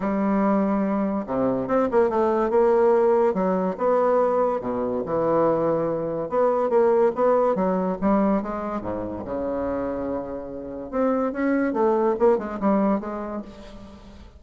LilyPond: \new Staff \with { instrumentName = "bassoon" } { \time 4/4 \tempo 4 = 143 g2. c4 | c'8 ais8 a4 ais2 | fis4 b2 b,4 | e2. b4 |
ais4 b4 fis4 g4 | gis4 gis,4 cis2~ | cis2 c'4 cis'4 | a4 ais8 gis8 g4 gis4 | }